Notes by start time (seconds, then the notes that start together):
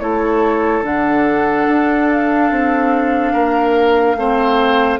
0.00 A3 E4 A4 C#5
0.83 D3 D4 F#5
1.68 D4
2.10 F5
2.51 C4
3.33 A#3 A#4
4.16 A3 C4 C5